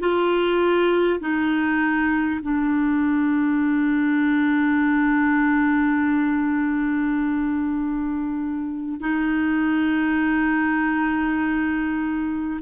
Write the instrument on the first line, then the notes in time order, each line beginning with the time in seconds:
clarinet
0.00 F4
1.21 D#4
2.43 D4
9.01 D#4